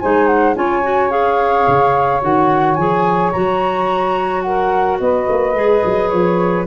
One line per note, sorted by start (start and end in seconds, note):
0.00 0.56 G#3
0.00 0.55 D#4
0.00 0.56 C5
0.00 0.27 G#5
0.27 0.55 F#5
0.55 1.67 C#4
0.55 0.83 F4
0.55 4.45 C#5
0.55 1.11 G#5
0.83 1.10 F#4
1.10 2.21 G#4
1.10 2.22 F5
1.68 2.23 C#3
2.21 2.77 D#3
2.21 2.77 F#4
2.21 2.75 F#5
2.75 3.33 F3
2.75 3.34 G#4
2.75 3.31 G#5
3.33 5.01 F#3
3.33 5.55 F#4
3.33 4.42 A#5
4.42 5.01 A#4
4.42 4.98 F#5
5.00 5.28 B3
5.00 6.67 B4
5.00 6.10 D#5
5.30 5.55 A#3
5.55 5.83 G#3
5.55 6.67 G#4
5.85 6.13 F#3
6.10 6.67 F3
6.10 6.65 C#5